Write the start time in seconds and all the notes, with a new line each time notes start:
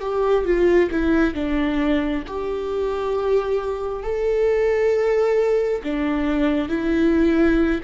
0.00 G4
0.45 F4
0.91 E4
1.34 D4
2.27 G4
4.03 A4
5.83 D4
6.68 E4